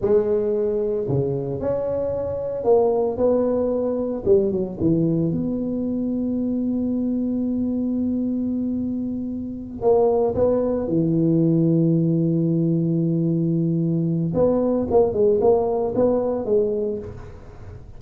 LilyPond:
\new Staff \with { instrumentName = "tuba" } { \time 4/4 \tempo 4 = 113 gis2 cis4 cis'4~ | cis'4 ais4 b2 | g8 fis8 e4 b2~ | b1~ |
b2~ b8 ais4 b8~ | b8 e2.~ e8~ | e2. b4 | ais8 gis8 ais4 b4 gis4 | }